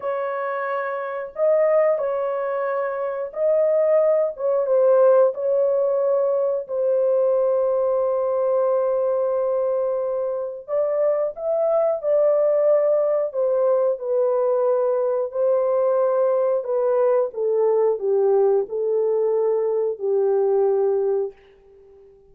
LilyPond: \new Staff \with { instrumentName = "horn" } { \time 4/4 \tempo 4 = 90 cis''2 dis''4 cis''4~ | cis''4 dis''4. cis''8 c''4 | cis''2 c''2~ | c''1 |
d''4 e''4 d''2 | c''4 b'2 c''4~ | c''4 b'4 a'4 g'4 | a'2 g'2 | }